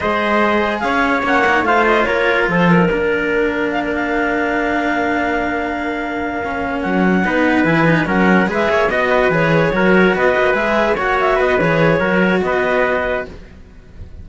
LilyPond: <<
  \new Staff \with { instrumentName = "clarinet" } { \time 4/4 \tempo 4 = 145 dis''2 f''4 fis''4 | f''8 dis''8 cis''4 c''8 ais'4.~ | ais'4 f''16 ais'16 f''2~ f''8~ | f''1~ |
f''8 fis''2 gis''4 fis''8~ | fis''8 e''4 dis''4 cis''4.~ | cis''8 dis''4 e''4 fis''8 e''8 dis''8 | cis''2 dis''2 | }
  \new Staff \with { instrumentName = "trumpet" } { \time 4/4 c''2 cis''2 | c''4 ais'4 a'4 ais'4~ | ais'1~ | ais'1~ |
ais'4. b'2 ais'8~ | ais'8 b'8 cis''8 dis''8 b'4. ais'8~ | ais'8 b'2 cis''4 b'8~ | b'4 ais'4 b'2 | }
  \new Staff \with { instrumentName = "cello" } { \time 4/4 gis'2. cis'8 dis'8 | f'2~ f'8. dis'16 d'4~ | d'1~ | d'2.~ d'8 cis'8~ |
cis'4. dis'4 e'8 dis'8 cis'8~ | cis'8 gis'4 fis'4 gis'4 fis'8~ | fis'4. gis'4 fis'4. | gis'4 fis'2. | }
  \new Staff \with { instrumentName = "cello" } { \time 4/4 gis2 cis'4 ais4 | a4 ais4 f4 ais4~ | ais1~ | ais1~ |
ais8 fis4 b4 e4 fis8~ | fis8 gis8 ais8 b4 e4 fis8~ | fis8 b8 ais8 gis4 ais4 b8 | e4 fis4 b2 | }
>>